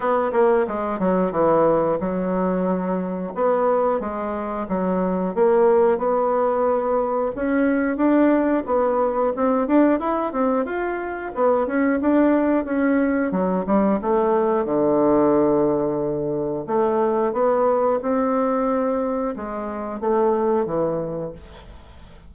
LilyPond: \new Staff \with { instrumentName = "bassoon" } { \time 4/4 \tempo 4 = 90 b8 ais8 gis8 fis8 e4 fis4~ | fis4 b4 gis4 fis4 | ais4 b2 cis'4 | d'4 b4 c'8 d'8 e'8 c'8 |
f'4 b8 cis'8 d'4 cis'4 | fis8 g8 a4 d2~ | d4 a4 b4 c'4~ | c'4 gis4 a4 e4 | }